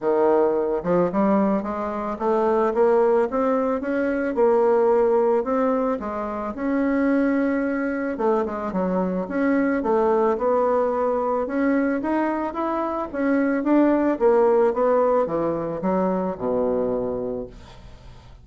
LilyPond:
\new Staff \with { instrumentName = "bassoon" } { \time 4/4 \tempo 4 = 110 dis4. f8 g4 gis4 | a4 ais4 c'4 cis'4 | ais2 c'4 gis4 | cis'2. a8 gis8 |
fis4 cis'4 a4 b4~ | b4 cis'4 dis'4 e'4 | cis'4 d'4 ais4 b4 | e4 fis4 b,2 | }